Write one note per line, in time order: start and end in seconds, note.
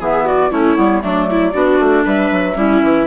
0.00 0.51 E3
0.00 0.51 B3
0.00 0.25 G#4
0.00 0.27 E5
0.25 0.51 F#4
0.25 0.51 D5
0.51 0.77 A3
0.51 0.76 C#4
0.51 1.02 E4
0.51 1.03 C#5
0.76 1.04 G3
0.76 1.02 B3
1.02 1.55 F#3
1.02 1.53 A3
1.02 1.30 D4
1.02 2.06 D5
1.30 1.54 E4
1.54 1.80 B3
1.54 2.55 D4
1.54 2.05 F#4
1.80 2.05 A3
2.05 2.31 G3
2.05 2.57 B4
2.05 3.08 E5
2.32 2.56 F#3
2.55 2.82 G3
2.55 3.06 C#4
2.55 3.08 E4
2.83 3.08 E3